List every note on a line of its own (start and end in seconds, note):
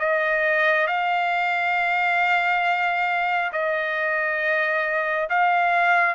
0.00 0.87 D#5
0.87 3.52 F5
3.53 5.29 D#5
5.30 6.15 F5